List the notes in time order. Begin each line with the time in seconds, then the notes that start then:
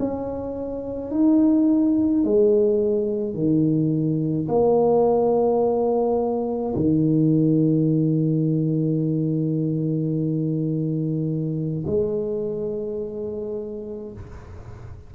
0.00 C#4
1.12 D#4
2.24 G#3
3.34 D#3
4.49 A#3
6.76 D#3
11.87 G#3